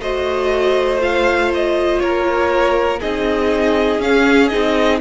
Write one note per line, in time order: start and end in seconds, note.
0.00 2.00 A3
0.00 1.00 F#4
0.00 2.02 C5
0.00 1.01 D#5
1.00 3.00 F4
1.00 1.52 F5
1.54 1.99 D#5
1.99 3.01 A#3
1.99 3.00 A#4
1.99 2.99 C#5
3.00 4.00 C4
3.00 4.01 D#4
3.00 5.00 G#4
3.00 4.01 D#5
4.00 4.50 C#4
4.00 4.51 C#4
4.00 4.48 F5
4.48 5.00 C4
4.48 5.00 D#4
4.48 4.98 D#5